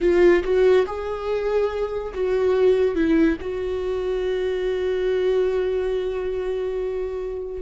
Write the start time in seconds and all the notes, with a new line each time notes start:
0.00 F4
0.43 F#4
0.86 G#4
2.14 F#4
2.95 E4
3.40 F#4